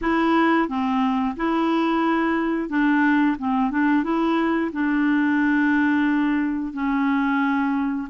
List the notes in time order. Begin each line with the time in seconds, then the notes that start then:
0.01 E4
0.68 C4
1.36 E4
2.69 D4
3.38 C4
3.70 D4
4.03 E4
4.72 D4
6.73 C#4